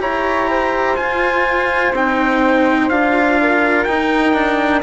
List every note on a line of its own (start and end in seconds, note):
0.00 0.98 E4
0.00 0.97 G4
0.00 0.50 C#5
0.00 0.97 A#5
0.50 3.41 C5
0.97 1.94 F4
0.97 1.93 F4
0.97 1.93 G#5
1.93 2.89 C4
1.93 2.91 D#4
1.93 2.90 G5
2.90 3.86 D4
2.90 3.88 F4
2.90 3.85 F5
3.42 4.83 A#4
3.85 4.83 D#4
3.85 4.34 D#4
3.85 4.81 G5
4.34 4.82 D4